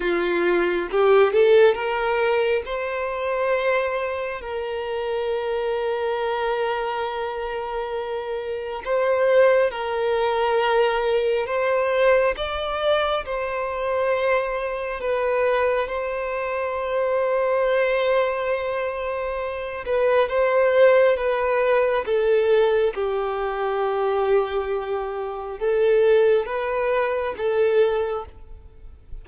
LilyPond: \new Staff \with { instrumentName = "violin" } { \time 4/4 \tempo 4 = 68 f'4 g'8 a'8 ais'4 c''4~ | c''4 ais'2.~ | ais'2 c''4 ais'4~ | ais'4 c''4 d''4 c''4~ |
c''4 b'4 c''2~ | c''2~ c''8 b'8 c''4 | b'4 a'4 g'2~ | g'4 a'4 b'4 a'4 | }